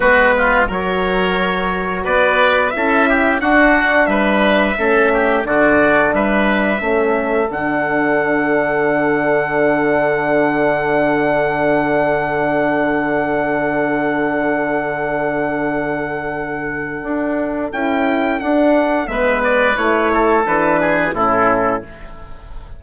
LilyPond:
<<
  \new Staff \with { instrumentName = "trumpet" } { \time 4/4 \tempo 4 = 88 b'4 cis''2 d''4 | e''4 fis''4 e''2 | d''4 e''2 fis''4~ | fis''1~ |
fis''1~ | fis''1~ | fis''2 g''4 fis''4 | e''8 d''8 cis''4 b'4 a'4 | }
  \new Staff \with { instrumentName = "oboe" } { \time 4/4 fis'8 f'8 ais'2 b'4 | a'8 g'8 fis'4 b'4 a'8 g'8 | fis'4 b'4 a'2~ | a'1~ |
a'1~ | a'1~ | a'1 | b'4. a'4 gis'8 e'4 | }
  \new Staff \with { instrumentName = "horn" } { \time 4/4 b4 fis'2. | e'4 d'2 cis'4 | d'2 cis'4 d'4~ | d'1~ |
d'1~ | d'1~ | d'2 e'4 d'4 | b4 e'4 d'4 cis'4 | }
  \new Staff \with { instrumentName = "bassoon" } { \time 4/4 gis4 fis2 b4 | cis'4 d'4 g4 a4 | d4 g4 a4 d4~ | d1~ |
d1~ | d1~ | d4 d'4 cis'4 d'4 | gis4 a4 e4 a,4 | }
>>